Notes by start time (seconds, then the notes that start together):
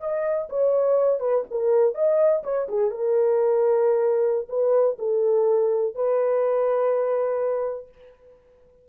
0.00 D#5
0.49 C#5
1.19 B4
1.50 A#4
1.94 D#5
2.43 C#5
2.68 G#4
2.90 A#4
4.49 B4
4.98 A4
5.94 B4